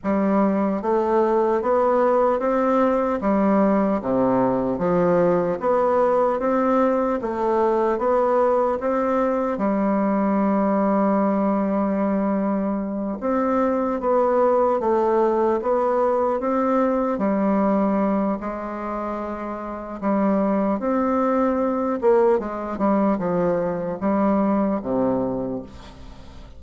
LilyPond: \new Staff \with { instrumentName = "bassoon" } { \time 4/4 \tempo 4 = 75 g4 a4 b4 c'4 | g4 c4 f4 b4 | c'4 a4 b4 c'4 | g1~ |
g8 c'4 b4 a4 b8~ | b8 c'4 g4. gis4~ | gis4 g4 c'4. ais8 | gis8 g8 f4 g4 c4 | }